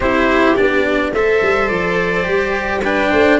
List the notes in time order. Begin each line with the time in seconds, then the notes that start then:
0.00 C4 E4 G4 C5
0.55 B3 D4 D5
1.12 A3 A4 C5 E5
1.41 G3
1.68 F3 D5
2.24 G3 G4
2.82 D4 B4 G5
3.10 A3 C5